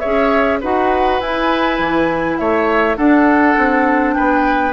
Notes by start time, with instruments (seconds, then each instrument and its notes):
0.00 bassoon C#4, clarinet G#4, oboe C#5, flute E5
0.61 bassoon D#4, clarinet F#4, oboe B4, flute F#5
1.21 bassoon E4, clarinet E4, flute G#5
1.80 bassoon E3
2.37 bassoon A3, oboe C#5, flute E5
2.97 clarinet D4, bassoon D4, oboe A4, flute F#5
3.58 bassoon C4
4.14 bassoon B3, oboe B4, flute G5